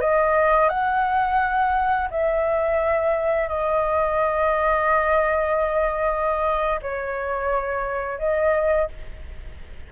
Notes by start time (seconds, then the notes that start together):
0.00 D#5
0.68 F#5
2.10 E5
3.48 D#5
6.81 C#5
8.18 D#5